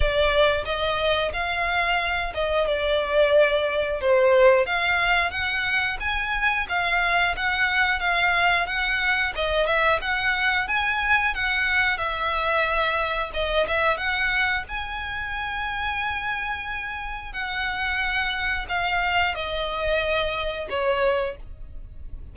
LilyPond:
\new Staff \with { instrumentName = "violin" } { \time 4/4 \tempo 4 = 90 d''4 dis''4 f''4. dis''8 | d''2 c''4 f''4 | fis''4 gis''4 f''4 fis''4 | f''4 fis''4 dis''8 e''8 fis''4 |
gis''4 fis''4 e''2 | dis''8 e''8 fis''4 gis''2~ | gis''2 fis''2 | f''4 dis''2 cis''4 | }